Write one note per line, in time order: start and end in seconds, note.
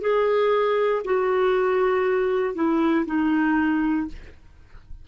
0.00 1.02 G#4
1.04 2.54 F#4
2.54 3.05 E4
3.06 4.07 D#4